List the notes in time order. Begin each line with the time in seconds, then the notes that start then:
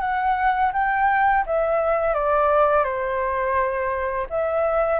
0.00 F#5
0.73 G5
1.46 E5
2.14 D5
2.84 C5
4.30 E5